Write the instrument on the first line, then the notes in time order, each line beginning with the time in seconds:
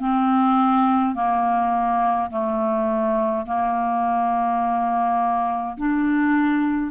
clarinet
0.00 C4
1.15 A#3
2.30 A3
3.46 A#3
5.77 D4